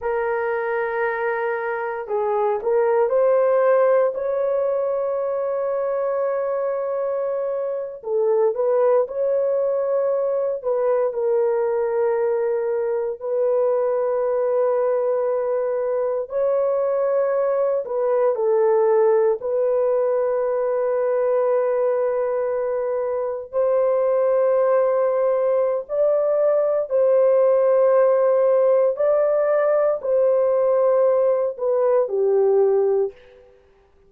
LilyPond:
\new Staff \with { instrumentName = "horn" } { \time 4/4 \tempo 4 = 58 ais'2 gis'8 ais'8 c''4 | cis''2.~ cis''8. a'16~ | a'16 b'8 cis''4. b'8 ais'4~ ais'16~ | ais'8. b'2. cis''16~ |
cis''4~ cis''16 b'8 a'4 b'4~ b'16~ | b'2~ b'8. c''4~ c''16~ | c''4 d''4 c''2 | d''4 c''4. b'8 g'4 | }